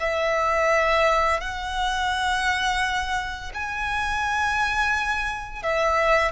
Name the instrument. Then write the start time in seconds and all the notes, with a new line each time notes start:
violin
0.00 E5
1.41 F#5
3.54 G#5
5.63 E5